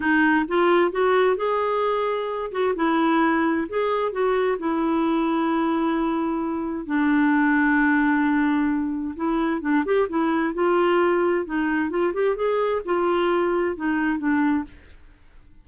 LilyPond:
\new Staff \with { instrumentName = "clarinet" } { \time 4/4 \tempo 4 = 131 dis'4 f'4 fis'4 gis'4~ | gis'4. fis'8 e'2 | gis'4 fis'4 e'2~ | e'2. d'4~ |
d'1 | e'4 d'8 g'8 e'4 f'4~ | f'4 dis'4 f'8 g'8 gis'4 | f'2 dis'4 d'4 | }